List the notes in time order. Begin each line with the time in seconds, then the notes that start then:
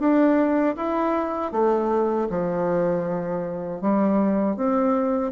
0.00 D4
0.76 E4
1.52 A3
2.30 F3
3.82 G3
4.57 C4